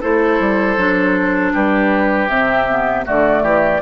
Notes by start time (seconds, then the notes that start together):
0.00 A3 E4 A4 C5
0.39 G3
0.76 F#3 D4
1.53 G3 G4 B4
2.28 C3 C4 E5
2.68 B3
3.04 D3 A3 F#4 D5
3.42 E3 G4